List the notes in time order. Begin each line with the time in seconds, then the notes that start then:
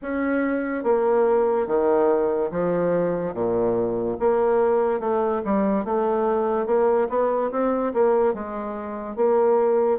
0.02 C#4
0.83 A#3
1.67 D#3
2.51 F3
3.34 A#2
4.19 A#3
5.00 A3
5.44 G3
5.84 A3
6.66 A#3
7.09 B3
7.51 C4
7.93 A#3
8.33 G#3
9.16 A#3